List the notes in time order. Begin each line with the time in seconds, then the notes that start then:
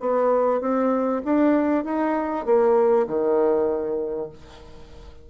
0.00 B3
0.60 C4
1.25 D4
1.84 D#4
2.45 A#3
3.07 D#3